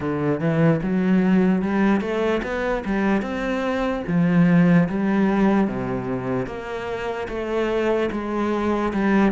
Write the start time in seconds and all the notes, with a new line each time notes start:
0.00 D3
0.39 E3
0.82 F#3
1.61 G3
2.00 A3
2.43 B3
2.85 G3
3.22 C4
4.07 F3
4.89 G3
5.67 C3
6.46 A#3
7.28 A3
8.11 G#3
8.93 G3